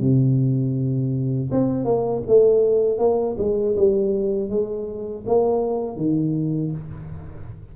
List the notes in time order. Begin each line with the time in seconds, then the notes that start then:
0.00 C3
1.51 C4
1.85 A#3
2.27 A3
2.99 A#3
3.39 G#3
3.77 G3
4.50 G#3
5.27 A#3
5.97 D#3